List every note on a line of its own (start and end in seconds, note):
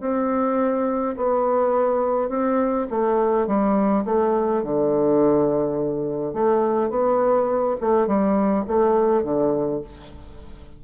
0.00 1.15 C4
1.16 2.29 B3
2.29 2.87 C4
2.90 3.47 A3
3.47 4.04 G3
4.05 4.63 A3
4.63 6.33 D3
6.33 6.90 A3
6.90 7.76 B3
7.80 8.07 A3
8.07 8.65 G3
8.67 9.23 A3
9.23 9.81 D3